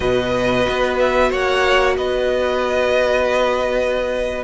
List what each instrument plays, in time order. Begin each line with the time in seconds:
0.00 cello B2, viola F#4, violin B4 D#5
0.68 cello B3
0.98 violin E5
1.29 cello A#3, violin C#5 F#5
1.97 cello B3, violin B4 D#5